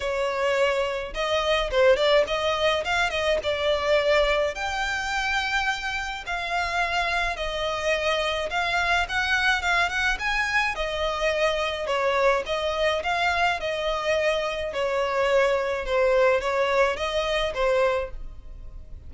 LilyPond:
\new Staff \with { instrumentName = "violin" } { \time 4/4 \tempo 4 = 106 cis''2 dis''4 c''8 d''8 | dis''4 f''8 dis''8 d''2 | g''2. f''4~ | f''4 dis''2 f''4 |
fis''4 f''8 fis''8 gis''4 dis''4~ | dis''4 cis''4 dis''4 f''4 | dis''2 cis''2 | c''4 cis''4 dis''4 c''4 | }